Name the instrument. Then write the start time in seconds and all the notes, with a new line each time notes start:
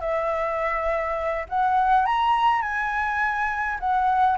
flute
0.00 E5
1.49 F#5
2.05 A#5
2.62 G#5
3.79 F#5